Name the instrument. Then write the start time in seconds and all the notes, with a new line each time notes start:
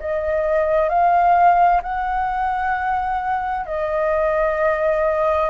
flute
0.00 D#5
0.89 F5
1.83 F#5
3.66 D#5